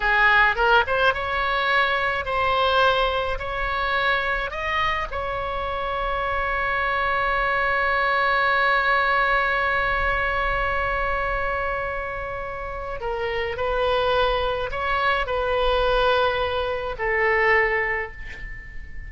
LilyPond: \new Staff \with { instrumentName = "oboe" } { \time 4/4 \tempo 4 = 106 gis'4 ais'8 c''8 cis''2 | c''2 cis''2 | dis''4 cis''2.~ | cis''1~ |
cis''1~ | cis''2. ais'4 | b'2 cis''4 b'4~ | b'2 a'2 | }